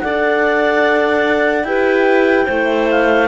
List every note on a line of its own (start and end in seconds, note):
0.00 1.64 D4
0.00 1.66 A4
0.00 1.68 D5
0.00 1.64 F#5
1.64 2.46 E4
1.64 2.48 G4
1.64 2.45 B4
1.64 2.87 G5
2.45 3.28 A3
2.45 3.28 E4
2.45 3.27 C5
2.90 3.28 F5